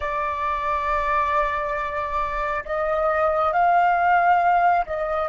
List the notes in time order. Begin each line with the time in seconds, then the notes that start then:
0.00 D5
2.65 D#5
3.53 F5
4.85 D#5